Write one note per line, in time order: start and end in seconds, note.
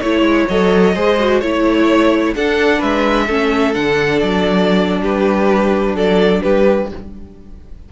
0.00 0.21 A3
0.00 0.49 E4
0.00 0.47 C#5
0.00 0.95 C#5
0.21 0.44 G#3
0.48 0.95 F#3
0.48 0.94 A4
0.48 1.40 D#5
0.94 1.42 G#3
0.94 1.17 G#4
0.94 1.41 C5
1.19 1.42 F#4
1.40 2.35 A3
1.40 2.35 E4
1.40 2.33 C#5
1.40 2.34 C#5
2.35 2.81 D4
2.35 3.28 D4
2.35 2.78 A4
2.35 2.81 F#5
2.78 3.28 G#3
2.78 3.25 B4
2.78 3.73 E5
3.26 3.75 A3
3.26 3.73 C#4
3.26 5.00 A4
3.73 4.22 D3
3.73 6.87 D4
3.73 4.19 F#5
4.19 5.01 F#3
4.19 5.00 D5
5.01 5.94 G3
5.01 5.95 G4
5.01 5.96 B4
5.94 6.41 F#3
5.94 6.42 A4
5.94 6.42 D5
6.42 6.91 G3
6.42 6.89 G4
6.42 6.89 B4